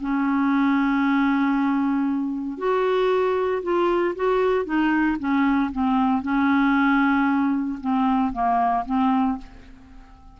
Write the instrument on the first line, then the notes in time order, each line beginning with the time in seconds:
clarinet
0.00 C#4
2.57 F#4
3.62 F4
4.15 F#4
4.64 D#4
5.18 C#4
5.72 C4
6.22 C#4
7.80 C4
8.32 A#3
8.85 C4